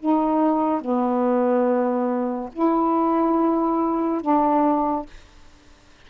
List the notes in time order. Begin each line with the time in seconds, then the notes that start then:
0.00 D#4
0.81 B3
2.53 E4
4.22 D4